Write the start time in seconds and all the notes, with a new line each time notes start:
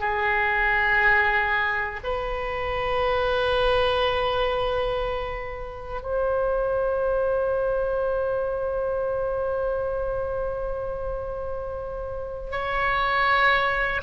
0.00 G#4
2.03 B4
6.02 C5
12.51 C#5